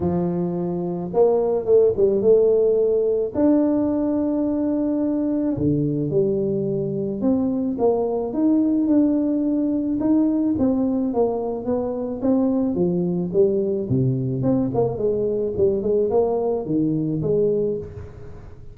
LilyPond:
\new Staff \with { instrumentName = "tuba" } { \time 4/4 \tempo 4 = 108 f2 ais4 a8 g8 | a2 d'2~ | d'2 d4 g4~ | g4 c'4 ais4 dis'4 |
d'2 dis'4 c'4 | ais4 b4 c'4 f4 | g4 c4 c'8 ais8 gis4 | g8 gis8 ais4 dis4 gis4 | }